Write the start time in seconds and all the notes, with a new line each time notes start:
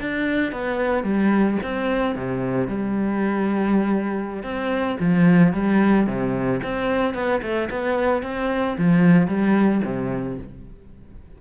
0.00 D4
0.52 B3
1.03 G3
1.63 C4
2.15 C3
2.68 G3
4.43 C4
5.00 F3
5.53 G3
6.06 C3
6.63 C4
7.14 B3
7.42 A3
7.70 B3
8.23 C4
8.78 F3
9.28 G3
9.84 C3